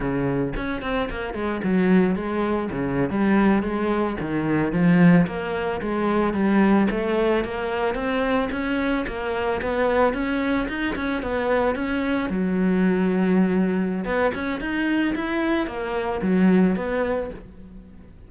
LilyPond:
\new Staff \with { instrumentName = "cello" } { \time 4/4 \tempo 4 = 111 cis4 cis'8 c'8 ais8 gis8 fis4 | gis4 cis8. g4 gis4 dis16~ | dis8. f4 ais4 gis4 g16~ | g8. a4 ais4 c'4 cis'16~ |
cis'8. ais4 b4 cis'4 dis'16~ | dis'16 cis'8 b4 cis'4 fis4~ fis16~ | fis2 b8 cis'8 dis'4 | e'4 ais4 fis4 b4 | }